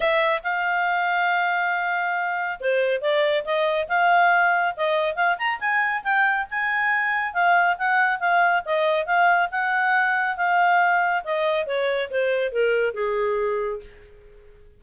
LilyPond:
\new Staff \with { instrumentName = "clarinet" } { \time 4/4 \tempo 4 = 139 e''4 f''2.~ | f''2 c''4 d''4 | dis''4 f''2 dis''4 | f''8 ais''8 gis''4 g''4 gis''4~ |
gis''4 f''4 fis''4 f''4 | dis''4 f''4 fis''2 | f''2 dis''4 cis''4 | c''4 ais'4 gis'2 | }